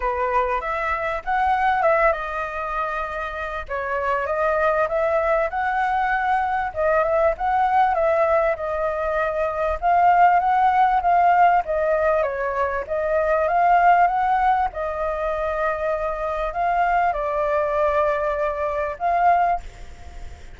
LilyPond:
\new Staff \with { instrumentName = "flute" } { \time 4/4 \tempo 4 = 98 b'4 e''4 fis''4 e''8 dis''8~ | dis''2 cis''4 dis''4 | e''4 fis''2 dis''8 e''8 | fis''4 e''4 dis''2 |
f''4 fis''4 f''4 dis''4 | cis''4 dis''4 f''4 fis''4 | dis''2. f''4 | d''2. f''4 | }